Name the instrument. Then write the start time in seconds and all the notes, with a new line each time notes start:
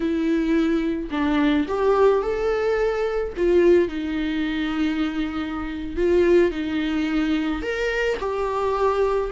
viola
0.00 E4
1.10 D4
1.68 G4
2.21 A4
3.36 F4
3.88 D#4
5.96 F4
6.51 D#4
7.62 A#4
8.19 G4